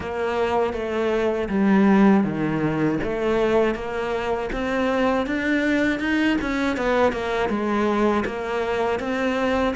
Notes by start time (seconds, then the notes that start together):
0.00 A#3
0.73 A3
1.49 G3
2.23 D#3
3.03 A3
3.74 A#3
4.52 C4
5.26 D4
5.99 D#4
6.41 C#4
6.76 B3
7.12 A#3
7.49 G#3
8.25 A#3
8.99 C4